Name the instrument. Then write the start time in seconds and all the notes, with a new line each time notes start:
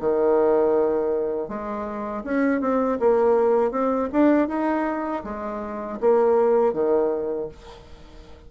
bassoon
0.00 D#3
1.48 G#3
2.24 C#4
2.61 C4
3.00 A#3
3.71 C4
4.12 D4
4.48 D#4
5.24 G#3
6.00 A#3
6.73 D#3